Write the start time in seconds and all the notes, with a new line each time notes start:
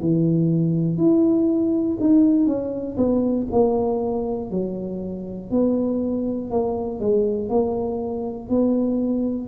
0.00 E3
0.97 E4
2.00 D#4
2.46 C#4
2.96 B3
3.51 A#3
4.50 F#3
5.50 B3
6.50 A#3
7.00 G#3
7.49 A#3
8.49 B3